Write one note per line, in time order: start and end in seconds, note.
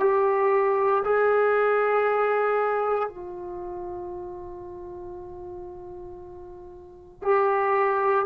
0.00 1.03 G4
1.05 3.09 G#4
3.09 7.22 F4
7.22 8.26 G4